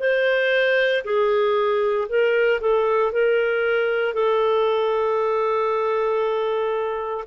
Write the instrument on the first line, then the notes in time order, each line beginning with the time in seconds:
clarinet
0.00 C5
1.04 G#4
2.08 A#4
2.61 A4
3.12 A#4
4.14 A4